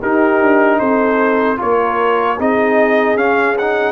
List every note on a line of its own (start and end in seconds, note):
0.00 0.41 D#4
0.00 1.57 D#4
0.00 0.79 G4
0.00 0.79 A#4
0.41 0.80 D4
0.79 1.59 C4
0.79 1.58 A4
0.79 1.58 C5
1.57 2.39 A#3
1.57 2.36 F4
1.57 2.39 A#4
1.57 2.40 C#5
2.39 3.16 C4
2.39 3.17 D#4
2.39 3.92 G#4
2.39 3.17 D#5
3.16 3.92 C#4
3.16 3.57 C#4
3.16 3.57 F5
3.58 3.92 D#4
3.58 3.92 F#5